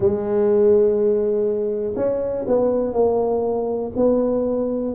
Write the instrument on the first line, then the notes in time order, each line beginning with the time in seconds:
tuba
0.00 G#3
1.95 C#4
2.47 B3
2.93 A#3
3.96 B3